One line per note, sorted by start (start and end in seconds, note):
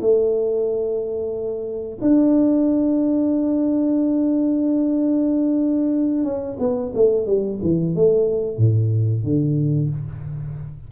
0.00 1.98 A3
2.01 6.23 D4
6.23 6.56 C#4
6.59 6.92 B3
6.94 7.26 A3
7.26 7.59 G3
7.62 7.95 E3
7.95 8.57 A3
8.57 9.23 A2
9.23 9.89 D3